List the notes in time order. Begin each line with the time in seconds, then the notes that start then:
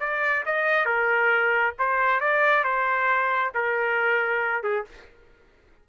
0.00 D5
0.46 D#5
0.86 A#4
1.79 C5
2.21 D5
2.64 C5
3.54 A#4
4.63 G#4